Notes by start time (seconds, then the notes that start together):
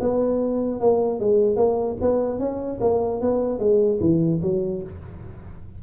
0.00 B3
0.80 A#3
1.20 G#3
1.56 A#3
2.01 B3
2.39 C#4
2.80 A#3
3.21 B3
3.59 G#3
4.00 E3
4.42 F#3